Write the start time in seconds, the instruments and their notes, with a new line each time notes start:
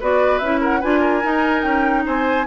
0.00 bassoon B3, clarinet F#4, oboe B4, flute D5
0.39 bassoon C#4, clarinet E4, flute E5
0.61 oboe A#4, flute F#5
0.80 bassoon D4, clarinet F4, oboe B4, flute G#5
1.01 oboe A#4
1.23 clarinet D#4, bassoon D#4
1.63 bassoon C#4, flute G5
2.06 bassoon C4, oboe C5, flute G#5